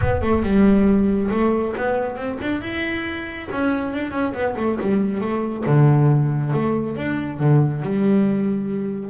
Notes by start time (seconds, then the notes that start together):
0.01 B3
0.21 A3
0.42 G3
1.30 A3
1.76 B3
2.16 C4
2.41 D4
2.61 E4
3.51 C#4
3.93 D4
4.11 C#4
4.33 B3
4.56 A3
4.81 G3
5.20 A3
5.66 D3
6.53 A3
6.96 D4
7.39 D3
7.82 G3